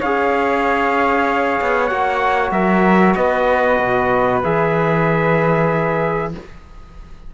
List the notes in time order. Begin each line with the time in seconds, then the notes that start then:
0.00 C#4 G#4 C#5 F5
1.61 B3
1.87 A#3 F#4 F#5
2.52 F#3 A#4 E5
3.15 B3 B4 D#5
3.80 B2
4.44 E3 G#4 E5